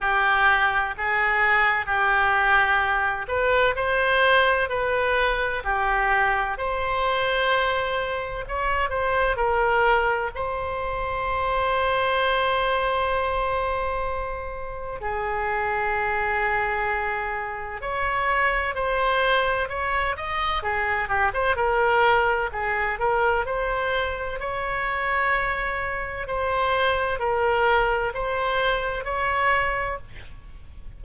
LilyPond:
\new Staff \with { instrumentName = "oboe" } { \time 4/4 \tempo 4 = 64 g'4 gis'4 g'4. b'8 | c''4 b'4 g'4 c''4~ | c''4 cis''8 c''8 ais'4 c''4~ | c''1 |
gis'2. cis''4 | c''4 cis''8 dis''8 gis'8 g'16 c''16 ais'4 | gis'8 ais'8 c''4 cis''2 | c''4 ais'4 c''4 cis''4 | }